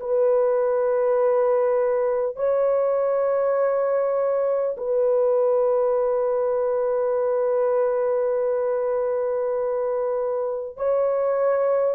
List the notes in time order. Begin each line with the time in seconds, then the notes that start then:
0.00 B4
2.36 C#5
4.77 B4
10.77 C#5